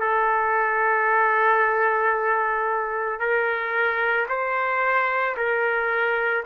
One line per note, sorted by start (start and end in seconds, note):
0.00 3.19 A4
3.19 4.27 A#4
4.29 5.36 C5
5.37 6.44 A#4